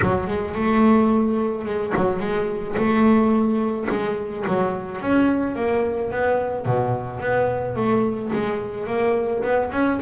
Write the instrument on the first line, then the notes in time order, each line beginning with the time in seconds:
double bass
0.01 F#3
0.27 G#3
0.54 A3
1.65 G#3
1.96 F#3
2.19 G#3
2.76 A3
3.89 G#3
4.47 F#3
5.01 C#4
5.55 A#3
6.11 B3
6.65 B2
7.20 B3
7.75 A3
8.32 G#3
8.87 A#3
9.43 B3
9.71 C#4